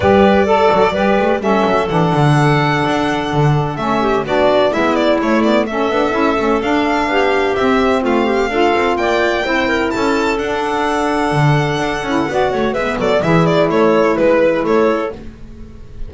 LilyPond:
<<
  \new Staff \with { instrumentName = "violin" } { \time 4/4 \tempo 4 = 127 d''2. e''4 | fis''1 | e''4 d''4 e''8 d''8 cis''8 d''8 | e''2 f''2 |
e''4 f''2 g''4~ | g''4 a''4 fis''2~ | fis''2. e''8 d''8 | e''8 d''8 cis''4 b'4 cis''4 | }
  \new Staff \with { instrumentName = "clarinet" } { \time 4/4 b'4 a'4 b'4 a'4~ | a'1~ | a'8 g'8 fis'4 e'2 | a'2. g'4~ |
g'4 f'8 g'8 a'4 d''4 | c''8 ais'8 a'2.~ | a'2 d''8 cis''8 b'8 a'8 | gis'4 a'4 b'4 a'4 | }
  \new Staff \with { instrumentName = "saxophone" } { \time 4/4 g'4 a'4 g'4 cis'4 | d'1 | cis'4 d'4 b4 a8 b8 | cis'8 d'8 e'8 cis'8 d'2 |
c'2 f'2 | e'2 d'2~ | d'4. e'8 fis'4 b4 | e'1 | }
  \new Staff \with { instrumentName = "double bass" } { \time 4/4 g4. fis8 g8 a8 g8 fis8 | e8 d4. d'4 d4 | a4 b4 gis4 a4~ | a8 b8 cis'8 a8 d'4 b4 |
c'4 a4 d'8 c'8 ais4 | c'4 cis'4 d'2 | d4 d'8 cis'8 b8 a8 gis8 fis8 | e4 a4 gis4 a4 | }
>>